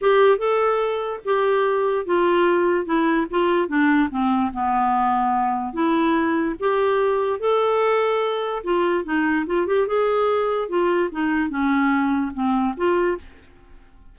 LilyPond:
\new Staff \with { instrumentName = "clarinet" } { \time 4/4 \tempo 4 = 146 g'4 a'2 g'4~ | g'4 f'2 e'4 | f'4 d'4 c'4 b4~ | b2 e'2 |
g'2 a'2~ | a'4 f'4 dis'4 f'8 g'8 | gis'2 f'4 dis'4 | cis'2 c'4 f'4 | }